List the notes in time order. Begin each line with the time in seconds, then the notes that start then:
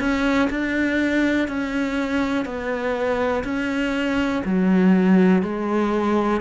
0.00 C#4
0.50 D4
1.48 C#4
2.45 B3
3.44 C#4
4.45 F#3
5.42 G#3